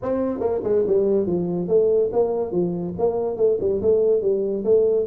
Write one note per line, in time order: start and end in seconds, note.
0.02 0.39 C4
0.39 0.60 A#3
0.63 0.85 G#3
0.87 1.26 G3
1.26 1.68 F3
1.68 2.10 A3
2.12 2.51 A#3
2.51 2.94 F3
2.98 3.36 A#3
3.36 3.57 A3
3.60 3.81 G3
3.82 4.21 A3
4.21 4.63 G3
4.64 5.06 A3